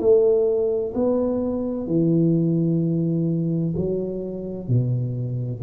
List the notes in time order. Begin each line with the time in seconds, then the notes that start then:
0.00 A3
0.95 B3
1.87 E3
3.77 F#3
4.68 B2